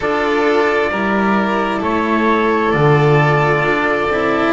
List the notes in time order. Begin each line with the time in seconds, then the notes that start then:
0.00 D4 F4 A4 D5
0.90 G3 E4 A#4
1.79 A3 A4 C#5
2.71 D3 F4 D5
3.61 D4
4.08 C4 E4